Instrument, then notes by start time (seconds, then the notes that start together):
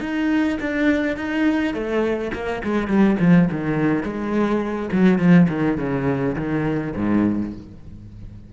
cello
0.00 D#4
0.60 D4
1.16 D#4
1.74 A3
2.33 A#3
2.64 G#3
2.87 G3
3.20 F3
3.51 D#3
4.03 G#3
4.92 F#3
5.18 F3
5.48 D#3
5.77 C#3
6.36 D#3
6.95 G#2